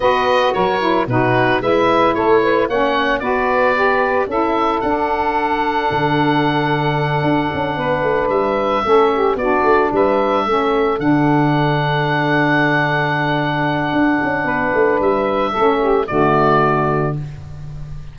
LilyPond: <<
  \new Staff \with { instrumentName = "oboe" } { \time 4/4 \tempo 4 = 112 dis''4 cis''4 b'4 e''4 | cis''4 fis''4 d''2 | e''4 fis''2.~ | fis''2.~ fis''8 e''8~ |
e''4. d''4 e''4.~ | e''8 fis''2.~ fis''8~ | fis''1 | e''2 d''2 | }
  \new Staff \with { instrumentName = "saxophone" } { \time 4/4 b'4 ais'4 fis'4 b'4 | a'8 b'8 cis''4 b'2 | a'1~ | a'2~ a'8 b'4.~ |
b'8 a'8 g'8 fis'4 b'4 a'8~ | a'1~ | a'2. b'4~ | b'4 a'8 g'8 fis'2 | }
  \new Staff \with { instrumentName = "saxophone" } { \time 4/4 fis'4. e'8 dis'4 e'4~ | e'4 cis'4 fis'4 g'4 | e'4 d'2.~ | d'1~ |
d'8 cis'4 d'2 cis'8~ | cis'8 d'2.~ d'8~ | d'1~ | d'4 cis'4 a2 | }
  \new Staff \with { instrumentName = "tuba" } { \time 4/4 b4 fis4 b,4 gis4 | a4 ais4 b2 | cis'4 d'2 d4~ | d4. d'8 cis'8 b8 a8 g8~ |
g8 a4 b8 a8 g4 a8~ | a8 d2.~ d8~ | d2 d'8 cis'8 b8 a8 | g4 a4 d2 | }
>>